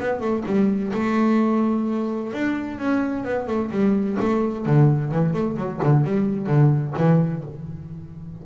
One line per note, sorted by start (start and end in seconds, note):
0.00 0.21 B3
0.21 0.44 A3
0.46 0.93 G3
0.94 2.33 A3
2.34 2.79 D4
2.79 3.25 C#4
3.25 3.48 B3
3.48 3.71 A3
3.71 4.18 G3
4.20 4.66 A3
4.66 5.12 D3
5.12 5.34 E3
5.34 5.57 A3
5.57 5.80 F#3
5.84 6.05 D3
6.05 6.47 G3
6.47 6.94 D3
6.98 7.44 E3